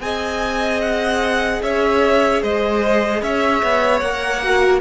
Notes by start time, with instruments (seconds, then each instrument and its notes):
0.00 cello C4, viola G#4, violin D#5 G#5
0.81 violin F#5
1.62 cello C#4, violin C#5 E5
2.42 cello G#3, violin C5 D#5
3.22 cello C#4, violin C#5 E5
3.63 cello B3
3.99 cello A#3, viola A#4, violin F#5
4.42 viola F#4, violin A#4